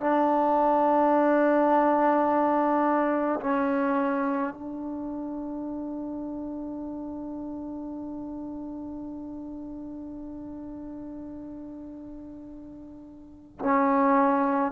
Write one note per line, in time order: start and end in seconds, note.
0.00 3.40 D4
3.40 4.53 C#4
4.53 13.58 D4
13.59 14.72 C#4